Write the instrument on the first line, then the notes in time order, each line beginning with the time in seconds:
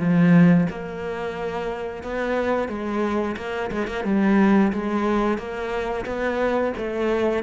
cello
0.00 F3
0.70 A#3
2.03 B3
2.69 G#3
3.37 A#3
3.71 G#3
3.88 A#3
4.05 G3
4.73 G#3
5.38 A#3
6.06 B3
6.78 A3